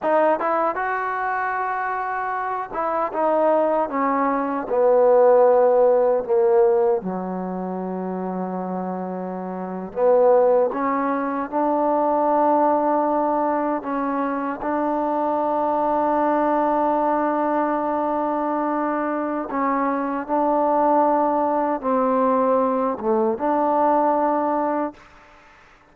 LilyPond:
\new Staff \with { instrumentName = "trombone" } { \time 4/4 \tempo 4 = 77 dis'8 e'8 fis'2~ fis'8 e'8 | dis'4 cis'4 b2 | ais4 fis2.~ | fis8. b4 cis'4 d'4~ d'16~ |
d'4.~ d'16 cis'4 d'4~ d'16~ | d'1~ | d'4 cis'4 d'2 | c'4. a8 d'2 | }